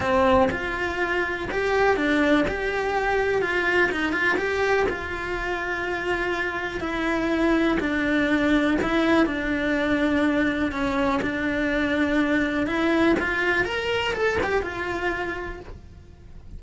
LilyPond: \new Staff \with { instrumentName = "cello" } { \time 4/4 \tempo 4 = 123 c'4 f'2 g'4 | d'4 g'2 f'4 | dis'8 f'8 g'4 f'2~ | f'2 e'2 |
d'2 e'4 d'4~ | d'2 cis'4 d'4~ | d'2 e'4 f'4 | ais'4 a'8 g'8 f'2 | }